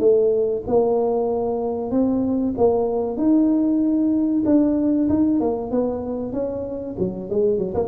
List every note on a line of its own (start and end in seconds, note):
0.00 0.63 A3
0.67 1.91 A#3
1.91 2.55 C4
2.58 3.18 A#3
3.18 4.44 D#4
4.46 5.09 D4
5.09 5.41 D#4
5.41 5.71 A#3
5.71 6.33 B3
6.33 6.96 C#4
6.99 7.30 F#3
7.30 7.59 G#3
7.59 7.75 F#3
7.75 7.89 A#3